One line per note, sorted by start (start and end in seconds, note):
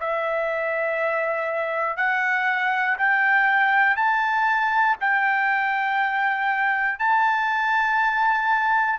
0.00 1.96 E5
1.96 2.96 F#5
2.98 3.96 G5
3.96 4.96 A5
5.00 6.99 G5
6.99 8.99 A5